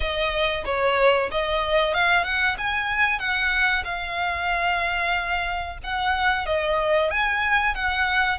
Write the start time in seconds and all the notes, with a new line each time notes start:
0.00 D#5
0.65 C#5
1.31 D#5
1.94 F5
2.24 F#5
2.58 G#5
3.19 F#5
3.84 F5
5.83 F#5
6.45 D#5
7.10 G#5
7.74 F#5